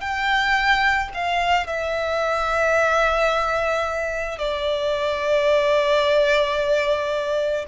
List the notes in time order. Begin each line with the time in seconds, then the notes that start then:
0.00 G5
1.14 F5
1.67 E5
4.38 D5